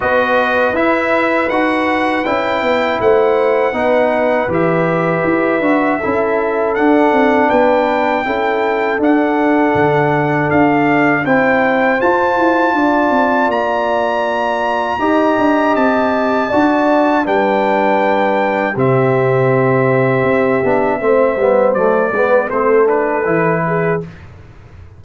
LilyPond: <<
  \new Staff \with { instrumentName = "trumpet" } { \time 4/4 \tempo 4 = 80 dis''4 e''4 fis''4 g''4 | fis''2 e''2~ | e''4 fis''4 g''2 | fis''2 f''4 g''4 |
a''2 ais''2~ | ais''4 a''2 g''4~ | g''4 e''2.~ | e''4 d''4 c''8 b'4. | }
  \new Staff \with { instrumentName = "horn" } { \time 4/4 b'1 | c''4 b'2. | a'2 b'4 a'4~ | a'2. c''4~ |
c''4 d''2. | dis''2 d''4 b'4~ | b'4 g'2. | c''4. b'8 a'4. gis'8 | }
  \new Staff \with { instrumentName = "trombone" } { \time 4/4 fis'4 e'4 fis'4 e'4~ | e'4 dis'4 g'4. fis'8 | e'4 d'2 e'4 | d'2. e'4 |
f'1 | g'2 fis'4 d'4~ | d'4 c'2~ c'8 d'8 | c'8 b8 a8 b8 c'8 d'8 e'4 | }
  \new Staff \with { instrumentName = "tuba" } { \time 4/4 b4 e'4 dis'4 cis'8 b8 | a4 b4 e4 e'8 d'8 | cis'4 d'8 c'8 b4 cis'4 | d'4 d4 d'4 c'4 |
f'8 e'8 d'8 c'8 ais2 | dis'8 d'8 c'4 d'4 g4~ | g4 c2 c'8 b8 | a8 g8 fis8 gis8 a4 e4 | }
>>